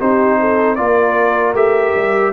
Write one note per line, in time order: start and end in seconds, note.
0.00 0.78 C4
0.00 0.77 D#4
0.00 0.39 G4
0.00 0.75 C5
0.39 0.78 A4
0.75 1.53 A#3
0.75 1.55 F4
0.75 2.33 A#4
0.75 1.53 D5
1.53 1.92 A3
1.53 2.33 G4
1.53 2.33 E5
1.95 2.33 G3